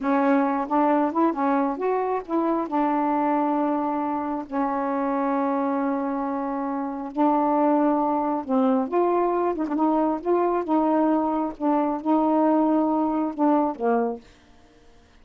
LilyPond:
\new Staff \with { instrumentName = "saxophone" } { \time 4/4 \tempo 4 = 135 cis'4. d'4 e'8 cis'4 | fis'4 e'4 d'2~ | d'2 cis'2~ | cis'1 |
d'2. c'4 | f'4. dis'16 d'16 dis'4 f'4 | dis'2 d'4 dis'4~ | dis'2 d'4 ais4 | }